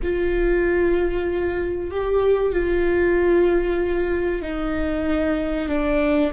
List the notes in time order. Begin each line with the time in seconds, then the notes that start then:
0.03 F4
1.90 G4
2.52 F4
4.42 D#4
5.68 D4